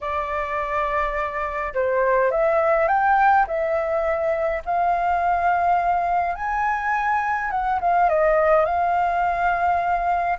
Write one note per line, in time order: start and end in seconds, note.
0.00 1.73 D5
1.74 2.31 C5
2.31 2.88 E5
2.88 3.45 G5
3.47 4.62 E5
4.65 6.35 F5
6.35 7.50 G#5
7.51 7.79 F#5
7.80 8.09 F5
8.09 8.65 D#5
8.65 10.38 F5